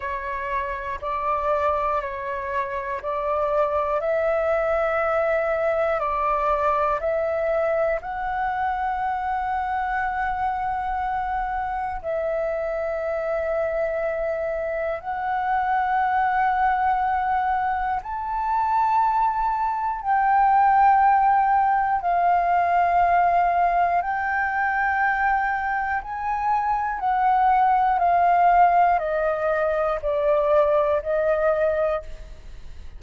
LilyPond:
\new Staff \with { instrumentName = "flute" } { \time 4/4 \tempo 4 = 60 cis''4 d''4 cis''4 d''4 | e''2 d''4 e''4 | fis''1 | e''2. fis''4~ |
fis''2 a''2 | g''2 f''2 | g''2 gis''4 fis''4 | f''4 dis''4 d''4 dis''4 | }